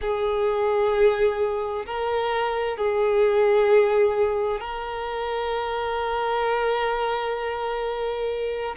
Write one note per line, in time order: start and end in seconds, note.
0.01 1.85 G#4
1.85 2.77 A#4
2.77 4.60 G#4
4.60 8.75 A#4